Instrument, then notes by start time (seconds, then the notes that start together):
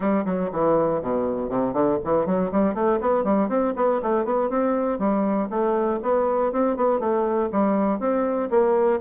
bassoon
0.00 G3
0.25 F#3
0.52 E3
1.01 B2
1.49 C3
1.72 D3
2.04 E3
2.25 F#3
2.51 G3
2.74 A3
3.00 B3
3.23 G3
3.49 C4
3.76 B3
4.02 A3
4.24 B3
4.49 C4
4.99 G3
5.50 A3
6.02 B3
6.52 C4
6.76 B3
6.99 A3
7.52 G3
7.99 C4
8.50 A#3